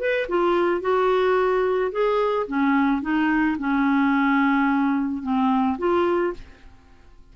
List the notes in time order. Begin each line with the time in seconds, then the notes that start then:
0.00 B4
0.29 F4
0.82 F#4
1.92 G#4
2.48 C#4
3.02 D#4
3.59 C#4
5.23 C4
5.78 F4